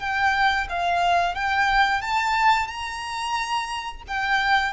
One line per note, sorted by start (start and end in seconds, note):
0.00 0.67 G5
0.70 1.35 F5
1.35 2.02 G5
2.02 2.68 A5
2.68 4.02 A#5
4.08 4.73 G5